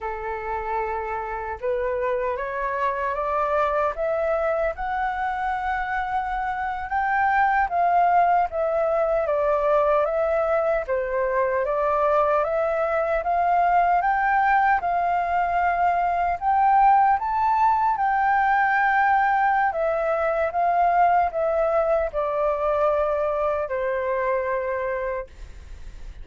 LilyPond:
\new Staff \with { instrumentName = "flute" } { \time 4/4 \tempo 4 = 76 a'2 b'4 cis''4 | d''4 e''4 fis''2~ | fis''8. g''4 f''4 e''4 d''16~ | d''8. e''4 c''4 d''4 e''16~ |
e''8. f''4 g''4 f''4~ f''16~ | f''8. g''4 a''4 g''4~ g''16~ | g''4 e''4 f''4 e''4 | d''2 c''2 | }